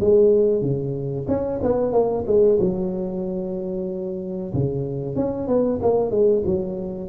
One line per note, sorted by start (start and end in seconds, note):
0.00 0.61 G#3
0.61 1.26 C#3
1.28 1.60 C#4
1.62 1.92 B3
1.92 2.24 A#3
2.26 2.59 G#3
2.60 4.53 F#3
4.53 5.15 C#3
5.15 5.47 C#4
5.47 5.79 B3
5.82 6.10 A#3
6.10 6.43 G#3
6.45 7.09 F#3